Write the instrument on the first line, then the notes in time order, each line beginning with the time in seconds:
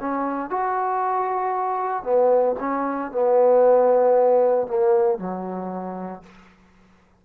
trombone
0.00 C#4
0.50 F#4
2.03 B3
2.60 C#4
3.12 B3
4.68 A#3
5.19 F#3